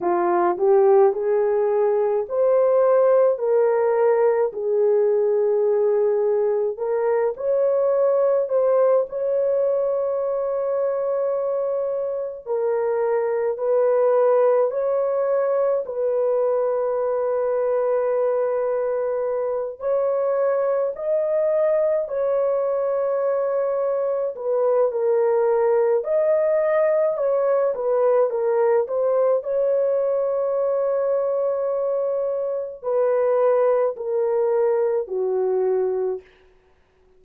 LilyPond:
\new Staff \with { instrumentName = "horn" } { \time 4/4 \tempo 4 = 53 f'8 g'8 gis'4 c''4 ais'4 | gis'2 ais'8 cis''4 c''8 | cis''2. ais'4 | b'4 cis''4 b'2~ |
b'4. cis''4 dis''4 cis''8~ | cis''4. b'8 ais'4 dis''4 | cis''8 b'8 ais'8 c''8 cis''2~ | cis''4 b'4 ais'4 fis'4 | }